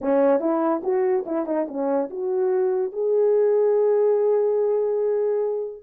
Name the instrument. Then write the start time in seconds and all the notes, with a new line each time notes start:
horn
0.01 C#4
0.40 E4
0.83 F#4
1.26 E4
1.46 D#4
1.68 C#4
2.09 F#4
2.92 G#4